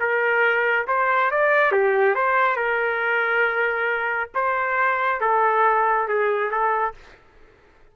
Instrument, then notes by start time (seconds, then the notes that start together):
trumpet
0.00 A#4
0.88 C5
1.31 D5
1.72 G4
2.15 C5
2.56 A#4
4.35 C5
5.21 A4
6.08 G#4
6.51 A4